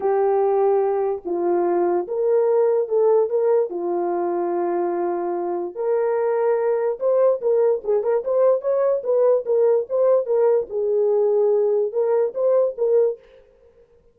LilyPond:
\new Staff \with { instrumentName = "horn" } { \time 4/4 \tempo 4 = 146 g'2. f'4~ | f'4 ais'2 a'4 | ais'4 f'2.~ | f'2 ais'2~ |
ais'4 c''4 ais'4 gis'8 ais'8 | c''4 cis''4 b'4 ais'4 | c''4 ais'4 gis'2~ | gis'4 ais'4 c''4 ais'4 | }